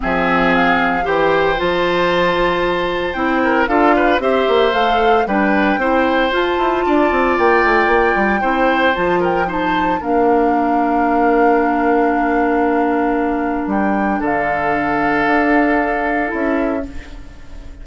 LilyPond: <<
  \new Staff \with { instrumentName = "flute" } { \time 4/4 \tempo 4 = 114 e''4 f''4 g''4 a''4~ | a''2 g''4 f''4 | e''4 f''4 g''2 | a''2 g''2~ |
g''4 a''8 g''8 a''4 f''4~ | f''1~ | f''2 g''4 f''4~ | f''2. e''4 | }
  \new Staff \with { instrumentName = "oboe" } { \time 4/4 gis'2 c''2~ | c''2~ c''8 ais'8 a'8 b'8 | c''2 b'4 c''4~ | c''4 d''2. |
c''4. ais'8 c''4 ais'4~ | ais'1~ | ais'2. a'4~ | a'1 | }
  \new Staff \with { instrumentName = "clarinet" } { \time 4/4 c'2 g'4 f'4~ | f'2 e'4 f'4 | g'4 a'4 d'4 e'4 | f'1 |
e'4 f'4 dis'4 d'4~ | d'1~ | d'1~ | d'2. e'4 | }
  \new Staff \with { instrumentName = "bassoon" } { \time 4/4 f2 e4 f4~ | f2 c'4 d'4 | c'8 ais8 a4 g4 c'4 | f'8 e'8 d'8 c'8 ais8 a8 ais8 g8 |
c'4 f2 ais4~ | ais1~ | ais2 g4 d4~ | d4 d'2 cis'4 | }
>>